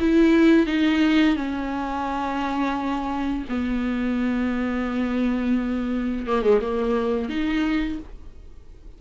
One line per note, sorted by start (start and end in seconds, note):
0.00 0.66 E4
0.66 1.36 D#4
1.36 3.45 C#4
3.49 6.27 B3
6.27 6.42 A#3
6.42 6.60 G#3
6.61 7.29 A#3
7.29 7.99 D#4